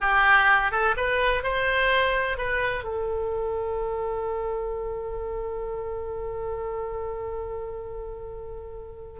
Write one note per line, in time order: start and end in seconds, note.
0.00 0.71 G4
0.71 0.95 A4
0.96 1.43 B4
1.43 2.37 C5
2.37 2.84 B4
2.84 9.19 A4